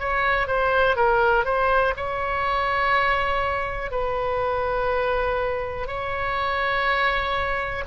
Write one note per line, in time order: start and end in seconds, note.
0.00 0.47 C#5
0.47 0.96 C5
0.96 1.45 A#4
1.45 1.94 C5
1.96 3.92 C#5
3.92 5.87 B4
5.87 7.84 C#5